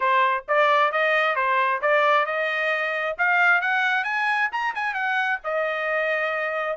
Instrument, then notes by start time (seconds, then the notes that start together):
trumpet
0.00 C5
0.47 D5
0.91 D#5
1.35 C5
1.81 D5
2.26 D#5
3.18 F5
3.61 F#5
4.04 G#5
4.52 A#5
4.74 G#5
4.94 F#5
5.44 D#5